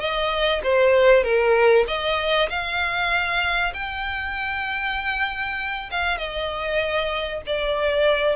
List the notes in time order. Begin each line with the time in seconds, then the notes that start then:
0.00 D#5
0.64 C5
1.24 A#4
1.88 D#5
2.50 F5
3.74 G5
5.92 F5
6.18 D#5
7.46 D5